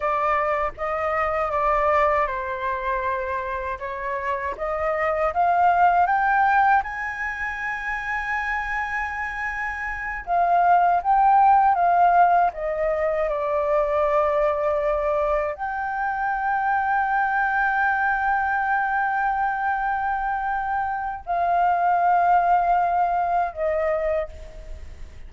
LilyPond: \new Staff \with { instrumentName = "flute" } { \time 4/4 \tempo 4 = 79 d''4 dis''4 d''4 c''4~ | c''4 cis''4 dis''4 f''4 | g''4 gis''2.~ | gis''4. f''4 g''4 f''8~ |
f''8 dis''4 d''2~ d''8~ | d''8 g''2.~ g''8~ | g''1 | f''2. dis''4 | }